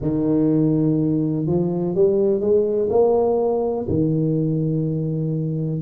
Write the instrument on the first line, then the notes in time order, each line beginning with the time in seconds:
tuba
0.01 D#3
1.46 F3
1.94 G3
2.40 G#3
2.90 A#3
3.88 D#3